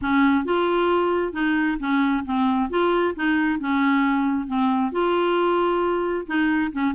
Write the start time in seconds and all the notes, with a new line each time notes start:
0.01 C#4
0.45 F4
1.32 D#4
1.79 C#4
2.25 C4
2.70 F4
3.15 D#4
3.59 C#4
4.47 C4
4.92 F4
6.27 D#4
6.72 C#4